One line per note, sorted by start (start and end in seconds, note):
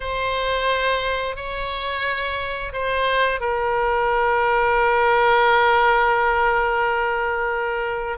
0.00 1.36 C5
1.36 2.72 C#5
2.72 3.40 C5
3.40 8.18 A#4